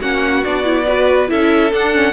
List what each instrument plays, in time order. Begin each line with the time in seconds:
0.00 cello A#3, viola C#4, violin F#4 F#5
0.44 cello B3, viola D4, violin D5
0.64 viola E4
0.88 viola F#4, violin B4
1.28 cello C#4, viola E4, violin A4 E5
1.73 cello D4, viola D4, violin F#5
1.94 viola C#4